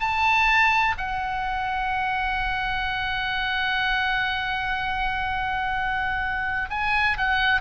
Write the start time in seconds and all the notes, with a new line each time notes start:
0.00 A5
0.98 F#5
6.71 G#5
7.18 F#5